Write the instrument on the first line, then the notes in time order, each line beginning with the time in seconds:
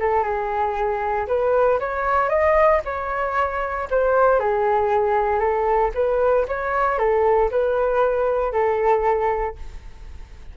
flute
0.00 A4
0.24 G#4
1.28 B4
1.80 C#5
2.29 D#5
2.85 C#5
3.91 C5
4.40 G#4
5.40 A4
5.95 B4
6.48 C#5
6.99 A4
7.51 B4
8.53 A4